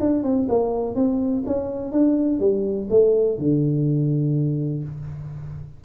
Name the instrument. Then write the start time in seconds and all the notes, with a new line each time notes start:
tuba
0.00 D4
0.23 C4
0.49 A#3
0.95 C4
1.46 C#4
1.92 D4
2.40 G3
2.90 A3
3.38 D3